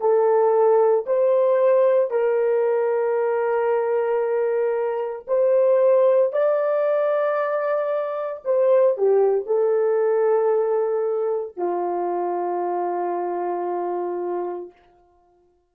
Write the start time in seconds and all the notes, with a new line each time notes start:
0.00 A4
1.06 C5
2.11 A#4
5.27 C5
6.33 D5
8.44 C5
8.97 G4
9.46 A4
11.56 F4